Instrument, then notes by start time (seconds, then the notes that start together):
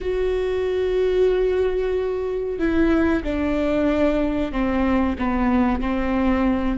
viola
0.00 F#4
2.58 E4
3.23 D4
4.52 C4
5.18 B3
5.80 C4